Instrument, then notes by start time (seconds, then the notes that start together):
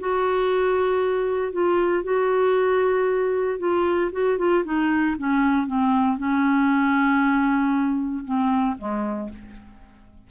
clarinet
0.00 F#4
1.53 F4
2.04 F#4
3.59 F4
4.13 F#4
4.38 F4
4.65 D#4
5.19 C#4
5.67 C4
6.18 C#4
8.25 C4
8.78 G#3